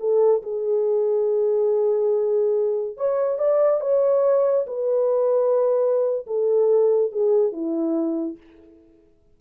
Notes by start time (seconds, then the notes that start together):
0.00 A4
0.43 G#4
2.97 C#5
3.39 D5
3.81 C#5
4.67 B4
6.27 A4
7.12 G#4
7.52 E4